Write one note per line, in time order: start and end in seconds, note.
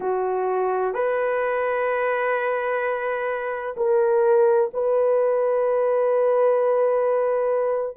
0.00 0.94 F#4
0.94 3.75 B4
3.77 4.70 A#4
4.73 7.96 B4